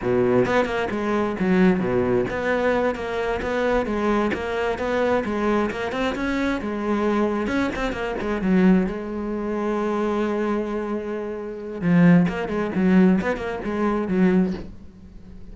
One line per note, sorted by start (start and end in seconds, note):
0.01 0.45 B2
0.45 0.65 B3
0.65 0.88 A#3
0.90 1.36 G#3
1.39 1.79 F#3
1.79 2.25 B2
2.30 2.95 B3
2.95 3.40 A#3
3.42 3.86 B3
3.86 4.31 G#3
4.33 4.78 A#3
4.78 5.23 B3
5.24 5.70 G#3
5.70 5.92 A#3
5.92 6.14 C4
6.15 6.60 C#4
6.61 7.47 G#3
7.47 7.69 C#4
7.75 7.92 C4
7.92 8.15 A#3
8.20 8.41 G#3
8.41 8.87 F#3
8.87 11.81 G#3
11.81 12.26 F3
12.28 12.48 A#3
12.48 12.71 G#3
12.75 13.20 F#3
13.21 13.37 B3
13.37 13.59 A#3
13.64 14.08 G#3
14.08 14.53 F#3